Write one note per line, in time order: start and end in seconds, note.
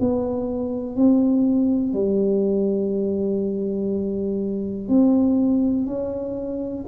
0.00 0.96 B3
0.96 1.94 C4
1.94 4.89 G3
4.89 5.87 C4
5.87 6.85 C#4